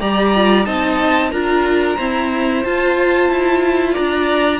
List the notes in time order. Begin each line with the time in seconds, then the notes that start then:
0.00 G3 G4 D5 A#5
0.36 F4
0.65 C4 D#4 D#5 A5
1.31 D4 F4 A#4 A#5
1.96 C4 E4 C5
2.65 F4 A5
3.30 E4
3.93 D4 D5 A#5